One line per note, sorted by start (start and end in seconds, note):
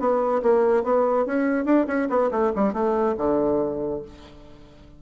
0.00 0.42 B3
0.43 0.84 A#3
0.84 1.26 B3
1.26 1.66 C#4
1.66 1.87 D4
1.87 2.09 C#4
2.10 2.31 B3
2.32 2.53 A3
2.56 2.73 G3
2.73 3.16 A3
3.18 4.02 D3